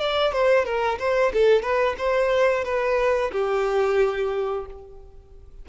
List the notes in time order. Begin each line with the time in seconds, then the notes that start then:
0.00 D5
0.32 C5
0.65 A#4
0.99 C5
1.33 A4
1.62 B4
1.98 C5
2.64 B4
3.32 G4